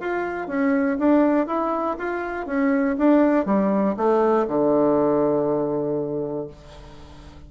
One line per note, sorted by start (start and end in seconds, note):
0.00 0.48 F4
0.48 0.98 C#4
0.99 1.47 D4
1.47 1.97 E4
1.98 2.47 F4
2.47 2.97 C#4
2.98 3.46 D4
3.46 3.96 G3
3.97 4.47 A3
4.48 6.48 D3